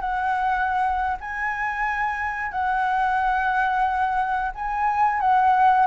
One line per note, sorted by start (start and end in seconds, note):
0.00 1.17 F#5
1.20 2.51 G#5
2.51 4.51 F#5
4.54 5.20 G#5
5.20 5.86 F#5